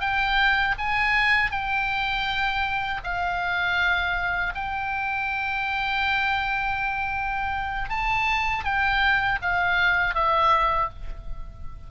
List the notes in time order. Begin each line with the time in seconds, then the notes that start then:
0.00 G5
0.78 G#5
1.51 G5
3.04 F5
4.54 G5
7.89 A5
8.64 G5
9.42 F5
10.14 E5